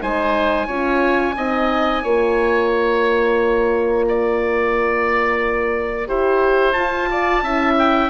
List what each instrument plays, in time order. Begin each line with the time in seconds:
0.00 bassoon G#3, horn D#4, oboe C5, trumpet G#5
0.67 bassoon C#4, horn F4, oboe C#5
1.36 bassoon C4, horn D#4, oboe D#5
2.03 bassoon A#3, horn F4, oboe C#5
2.71 trumpet A#5
4.08 oboe D5
6.06 bassoon E4, horn G4, oboe C5
6.72 bassoon F4, horn F4, trumpet A5
7.10 oboe D5
7.42 bassoon C#4, horn E4, oboe E5
7.79 trumpet G5